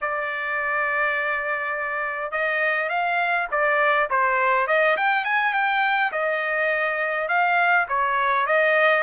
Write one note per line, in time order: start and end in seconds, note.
0.01 2.31 D5
2.31 2.89 D#5
2.89 3.47 F5
3.51 4.09 D5
4.10 4.67 C5
4.67 4.96 D#5
4.96 5.24 G5
5.24 5.53 G#5
5.53 6.11 G5
6.12 7.28 D#5
7.28 7.86 F5
7.88 8.46 C#5
8.46 9.03 D#5